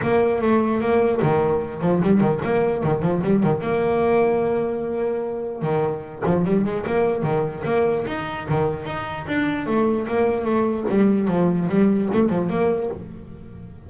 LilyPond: \new Staff \with { instrumentName = "double bass" } { \time 4/4 \tempo 4 = 149 ais4 a4 ais4 dis4~ | dis8 f8 g8 dis8 ais4 dis8 f8 | g8 dis8 ais2.~ | ais2 dis4. f8 |
g8 gis8 ais4 dis4 ais4 | dis'4 dis4 dis'4 d'4 | a4 ais4 a4 g4 | f4 g4 a8 f8 ais4 | }